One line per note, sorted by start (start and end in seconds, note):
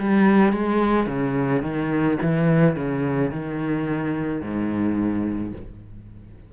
0.00 0.53 G3
0.53 1.07 G#3
1.07 1.62 C#3
1.62 2.18 D#3
2.22 2.76 E3
2.76 3.31 C#3
3.31 4.42 D#3
4.42 5.53 G#2